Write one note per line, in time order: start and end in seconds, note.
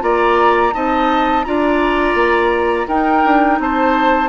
0.00 0.73 A#3
0.00 0.71 F4
0.00 0.74 D5
0.00 0.74 A#5
0.72 1.46 C4
0.72 1.43 D#4
0.72 1.45 D#5
0.72 1.44 A5
1.44 2.14 D4
1.44 2.87 F4
1.44 2.87 D5
1.44 2.87 A#5
2.14 2.86 A#3
2.87 3.23 D#4
2.87 4.28 D#4
2.87 3.58 A#4
2.87 3.59 G5
3.25 3.59 D4
3.59 4.28 C4
3.59 4.28 C5
3.59 4.28 A5